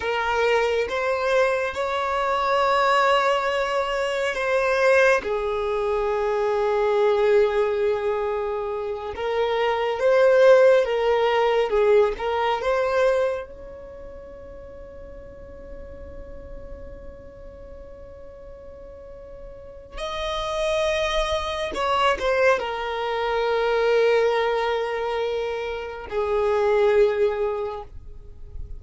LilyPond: \new Staff \with { instrumentName = "violin" } { \time 4/4 \tempo 4 = 69 ais'4 c''4 cis''2~ | cis''4 c''4 gis'2~ | gis'2~ gis'8 ais'4 c''8~ | c''8 ais'4 gis'8 ais'8 c''4 cis''8~ |
cis''1~ | cis''2. dis''4~ | dis''4 cis''8 c''8 ais'2~ | ais'2 gis'2 | }